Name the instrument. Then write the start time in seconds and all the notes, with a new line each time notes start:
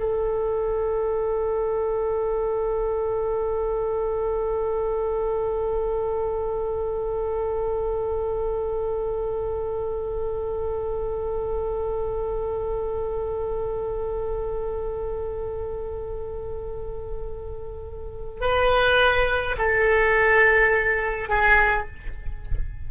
oboe
0.00 A4
18.41 B4
19.58 A4
21.29 G#4